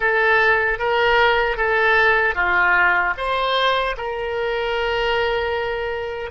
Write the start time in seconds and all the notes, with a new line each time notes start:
0.00 A4
0.78 A#4
1.56 A4
2.35 F4
3.17 C5
3.97 A#4